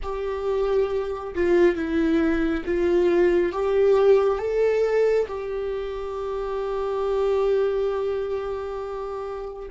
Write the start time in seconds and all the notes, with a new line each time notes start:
0.02 G4
1.34 F4
1.75 E4
2.65 F4
3.52 G4
4.38 A4
5.27 G4